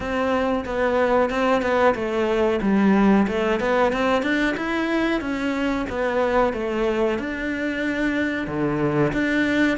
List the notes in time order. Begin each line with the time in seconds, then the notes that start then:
0.00 C4
0.65 B3
1.30 C4
1.61 B3
1.94 A3
2.61 G3
3.27 A3
3.60 B3
3.92 C4
4.22 D4
4.57 E4
5.20 C#4
5.89 B3
6.53 A3
7.18 D4
8.47 D3
9.12 D4